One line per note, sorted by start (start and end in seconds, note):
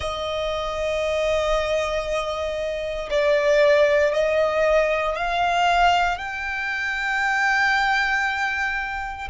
0.00 3.08 D#5
3.10 4.13 D5
4.13 5.16 D#5
5.16 6.17 F5
6.17 9.28 G5